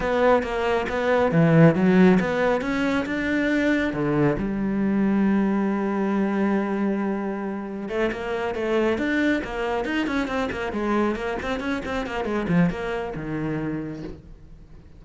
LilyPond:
\new Staff \with { instrumentName = "cello" } { \time 4/4 \tempo 4 = 137 b4 ais4 b4 e4 | fis4 b4 cis'4 d'4~ | d'4 d4 g2~ | g1~ |
g2 a8 ais4 a8~ | a8 d'4 ais4 dis'8 cis'8 c'8 | ais8 gis4 ais8 c'8 cis'8 c'8 ais8 | gis8 f8 ais4 dis2 | }